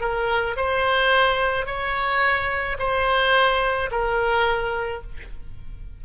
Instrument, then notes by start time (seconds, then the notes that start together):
oboe
0.00 A#4
0.56 C5
1.66 C#5
2.78 C5
3.90 A#4